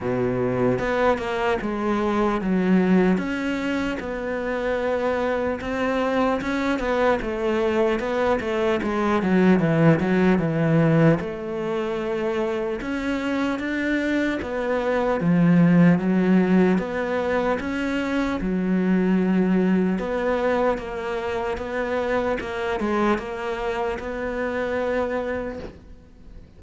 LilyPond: \new Staff \with { instrumentName = "cello" } { \time 4/4 \tempo 4 = 75 b,4 b8 ais8 gis4 fis4 | cis'4 b2 c'4 | cis'8 b8 a4 b8 a8 gis8 fis8 | e8 fis8 e4 a2 |
cis'4 d'4 b4 f4 | fis4 b4 cis'4 fis4~ | fis4 b4 ais4 b4 | ais8 gis8 ais4 b2 | }